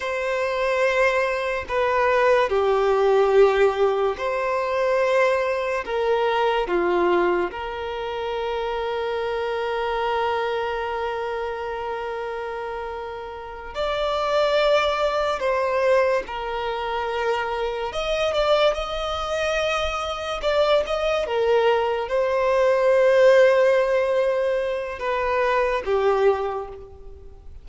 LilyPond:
\new Staff \with { instrumentName = "violin" } { \time 4/4 \tempo 4 = 72 c''2 b'4 g'4~ | g'4 c''2 ais'4 | f'4 ais'2.~ | ais'1~ |
ais'8 d''2 c''4 ais'8~ | ais'4. dis''8 d''8 dis''4.~ | dis''8 d''8 dis''8 ais'4 c''4.~ | c''2 b'4 g'4 | }